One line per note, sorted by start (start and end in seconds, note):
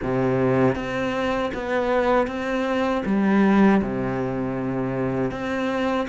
0.02 0.75 C3
0.75 1.51 C4
1.54 2.27 B3
2.27 3.03 C4
3.05 3.81 G3
3.82 5.31 C3
5.31 6.07 C4